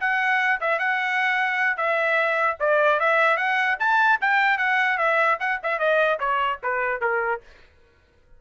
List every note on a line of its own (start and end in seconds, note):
0.00 0.60 F#5
0.60 0.79 E5
0.79 1.77 F#5
1.77 2.57 E5
2.60 2.99 D5
2.99 3.37 E5
3.37 3.77 F#5
3.79 4.19 A5
4.21 4.57 G5
4.57 4.97 F#5
4.97 5.37 E5
5.39 5.59 F#5
5.63 5.79 E5
5.79 6.19 D#5
6.19 6.59 C#5
6.63 7.01 B4
7.01 7.41 A#4